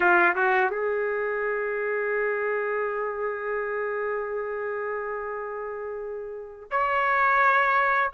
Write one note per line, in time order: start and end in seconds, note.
0.00 0.34 F4
0.35 0.70 F#4
0.70 6.70 G#4
6.71 8.12 C#5